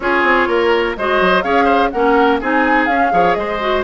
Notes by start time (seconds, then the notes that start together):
0.00 C#4 F4 G#4 C#5
0.23 C4
0.47 A#3 A#4
0.96 G#3 F#4 C5 D#5
1.20 F#3
1.41 C#4 G#4 C#5 F5
1.64 C5
1.90 A#3 C#4 A#4 F#5
2.40 C4 D#4 G#4 G#5
2.86 C#4 F5
3.11 F3 G#4 C#5
3.33 G#3 C5 D#5
3.60 F#4